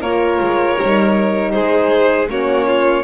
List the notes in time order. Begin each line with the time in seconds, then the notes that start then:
0.00 A#3 F4 A#4 C#5
0.40 G#3
0.78 G3 D#4
1.51 G#3 G#4 C5
2.28 A#3 C#4 F#4 C#5
2.66 F4